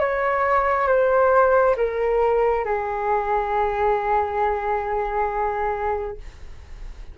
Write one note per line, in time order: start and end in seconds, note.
0.00 0.88 C#5
0.88 1.76 C5
1.77 2.65 A#4
2.65 6.18 G#4